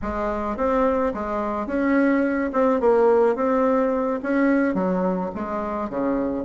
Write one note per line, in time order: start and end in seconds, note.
0.02 0.57 G#3
0.57 1.13 C4
1.14 1.66 G#3
1.66 2.51 C#4
2.52 2.80 C4
2.80 3.35 A#3
3.35 4.20 C4
4.23 4.74 C#4
4.74 5.30 F#3
5.34 5.89 G#3
5.89 6.45 C#3